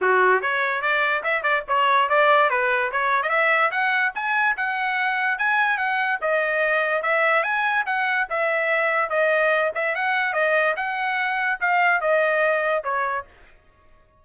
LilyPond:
\new Staff \with { instrumentName = "trumpet" } { \time 4/4 \tempo 4 = 145 fis'4 cis''4 d''4 e''8 d''8 | cis''4 d''4 b'4 cis''8. dis''16 | e''4 fis''4 gis''4 fis''4~ | fis''4 gis''4 fis''4 dis''4~ |
dis''4 e''4 gis''4 fis''4 | e''2 dis''4. e''8 | fis''4 dis''4 fis''2 | f''4 dis''2 cis''4 | }